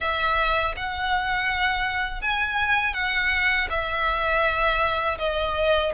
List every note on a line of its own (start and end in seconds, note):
0.00 0.74 E5
0.76 2.21 F#5
2.21 2.93 G#5
2.93 3.67 F#5
3.70 5.18 E5
5.18 5.92 D#5